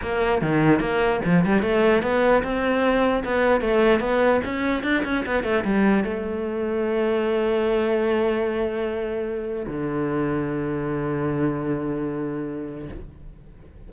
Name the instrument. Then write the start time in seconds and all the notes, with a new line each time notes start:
cello
0.02 A#3
0.41 D#3
0.80 A#3
1.24 F3
1.44 G3
1.62 A3
2.02 B3
2.43 C4
3.24 B3
3.60 A3
4.00 B3
4.44 C#4
4.83 D4
5.04 C#4
5.26 B3
5.43 A3
5.64 G3
6.04 A3
9.66 D3